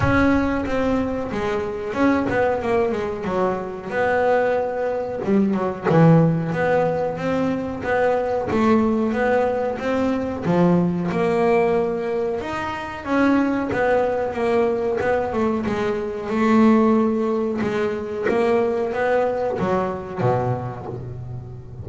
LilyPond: \new Staff \with { instrumentName = "double bass" } { \time 4/4 \tempo 4 = 92 cis'4 c'4 gis4 cis'8 b8 | ais8 gis8 fis4 b2 | g8 fis8 e4 b4 c'4 | b4 a4 b4 c'4 |
f4 ais2 dis'4 | cis'4 b4 ais4 b8 a8 | gis4 a2 gis4 | ais4 b4 fis4 b,4 | }